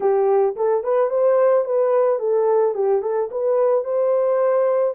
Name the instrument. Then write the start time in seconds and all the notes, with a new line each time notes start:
horn
0.00 G4
0.56 A4
0.83 B4
1.10 C5
1.64 B4
2.19 A4
2.74 G4
3.02 A4
3.31 B4
3.84 C5